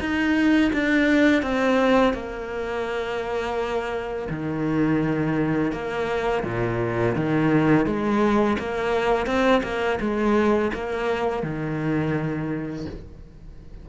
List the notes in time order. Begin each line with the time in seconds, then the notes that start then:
0.00 D#4
0.73 D4
1.43 C4
2.14 A#3
4.30 D#3
5.72 A#3
6.44 A#2
7.16 D#3
7.86 G#3
8.59 A#3
9.27 C4
9.63 A#3
10.01 G#3
10.74 A#3
11.43 D#3